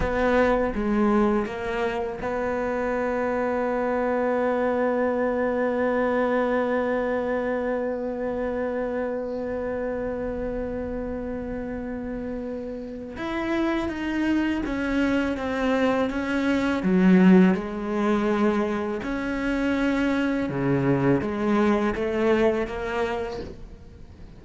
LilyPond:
\new Staff \with { instrumentName = "cello" } { \time 4/4 \tempo 4 = 82 b4 gis4 ais4 b4~ | b1~ | b1~ | b1~ |
b2 e'4 dis'4 | cis'4 c'4 cis'4 fis4 | gis2 cis'2 | cis4 gis4 a4 ais4 | }